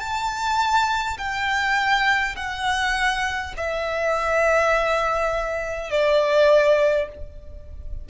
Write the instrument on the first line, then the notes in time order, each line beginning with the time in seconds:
violin
0.00 A5
1.18 G5
2.37 F#5
3.58 E5
5.91 D5